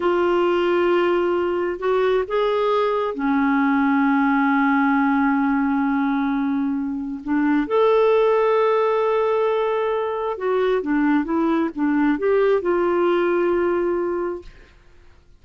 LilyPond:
\new Staff \with { instrumentName = "clarinet" } { \time 4/4 \tempo 4 = 133 f'1 | fis'4 gis'2 cis'4~ | cis'1~ | cis'1 |
d'4 a'2.~ | a'2. fis'4 | d'4 e'4 d'4 g'4 | f'1 | }